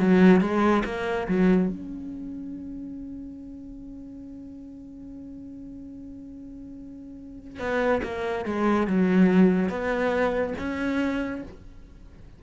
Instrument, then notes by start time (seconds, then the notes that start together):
cello
0.00 F#3
0.41 G#3
0.85 A#3
1.28 F#3
1.69 C#4
7.59 B3
8.03 A#3
8.45 G#3
8.87 F#3
9.70 B3
10.58 C#4